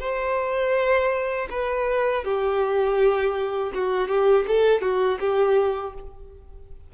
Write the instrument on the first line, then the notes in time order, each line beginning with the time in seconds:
violin
0.00 C5
1.51 B4
2.24 G4
3.74 F#4
4.08 G4
4.47 A4
4.82 F#4
5.20 G4